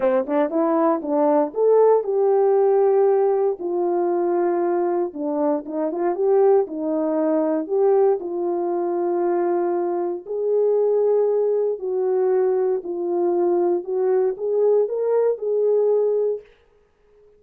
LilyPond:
\new Staff \with { instrumentName = "horn" } { \time 4/4 \tempo 4 = 117 c'8 d'8 e'4 d'4 a'4 | g'2. f'4~ | f'2 d'4 dis'8 f'8 | g'4 dis'2 g'4 |
f'1 | gis'2. fis'4~ | fis'4 f'2 fis'4 | gis'4 ais'4 gis'2 | }